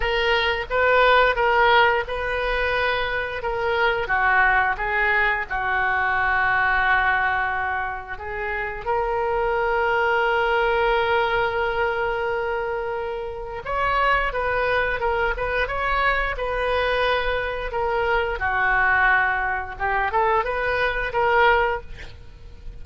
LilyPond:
\new Staff \with { instrumentName = "oboe" } { \time 4/4 \tempo 4 = 88 ais'4 b'4 ais'4 b'4~ | b'4 ais'4 fis'4 gis'4 | fis'1 | gis'4 ais'2.~ |
ais'1 | cis''4 b'4 ais'8 b'8 cis''4 | b'2 ais'4 fis'4~ | fis'4 g'8 a'8 b'4 ais'4 | }